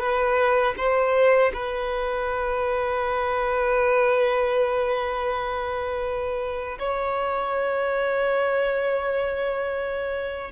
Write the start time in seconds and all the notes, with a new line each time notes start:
0.00 B4
0.77 C5
1.54 B4
6.79 C#5